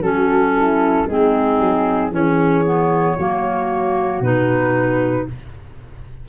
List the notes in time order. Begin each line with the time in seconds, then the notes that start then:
0.00 F#3 C#4 F#4 A4
0.57 E4
1.07 G#3 C4 D#4 G#4
1.60 F#3
2.11 E3 C#4 G#4 C#5
2.65 B3
3.17 F#3 A#3 F#4
4.21 B2 D#4 B4